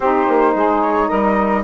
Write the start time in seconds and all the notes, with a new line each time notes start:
0.00 C4 D#4 G4 C5
0.28 A#3
0.54 G#3 G#4
0.81 C#5
1.08 G3 A#4 D#5